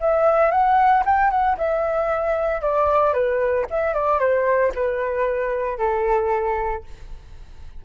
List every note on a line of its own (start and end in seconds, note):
0.00 0.51 E5
0.51 1.03 F#5
1.06 1.30 G5
1.30 1.57 F#5
1.57 2.61 E5
2.61 3.13 D5
3.13 3.66 B4
3.70 3.94 E5
3.94 4.19 D5
4.19 4.72 C5
4.75 5.78 B4
5.78 6.83 A4